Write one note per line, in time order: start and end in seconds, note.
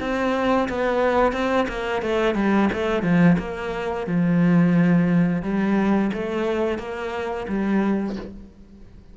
0.00 0.68 C4
0.69 1.33 B3
1.33 1.67 C4
1.69 2.02 A#3
2.02 2.35 A3
2.35 2.69 G3
2.73 3.03 A3
3.03 3.37 F3
3.39 4.07 A#3
4.07 5.43 F3
5.43 6.11 G3
6.14 6.78 A3
6.78 7.47 A#3
7.48 8.16 G3